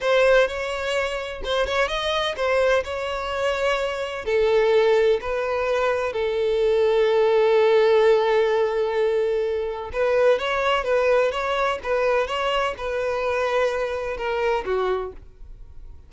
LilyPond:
\new Staff \with { instrumentName = "violin" } { \time 4/4 \tempo 4 = 127 c''4 cis''2 c''8 cis''8 | dis''4 c''4 cis''2~ | cis''4 a'2 b'4~ | b'4 a'2.~ |
a'1~ | a'4 b'4 cis''4 b'4 | cis''4 b'4 cis''4 b'4~ | b'2 ais'4 fis'4 | }